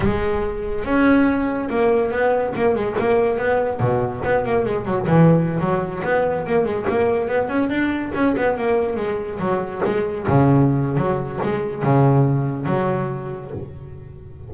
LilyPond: \new Staff \with { instrumentName = "double bass" } { \time 4/4 \tempo 4 = 142 gis2 cis'2 | ais4 b4 ais8 gis8 ais4 | b4 b,4 b8 ais8 gis8 fis8 | e4~ e16 fis4 b4 ais8 gis16~ |
gis16 ais4 b8 cis'8 d'4 cis'8 b16~ | b16 ais4 gis4 fis4 gis8.~ | gis16 cis4.~ cis16 fis4 gis4 | cis2 fis2 | }